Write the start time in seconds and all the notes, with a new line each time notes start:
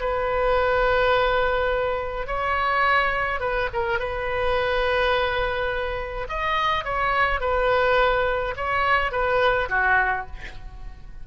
0.00 B4
2.26 C#5
3.40 B4
3.73 A#4
3.99 B4
6.29 D#5
6.84 C#5
7.40 B4
8.56 C#5
9.11 B4
9.69 F#4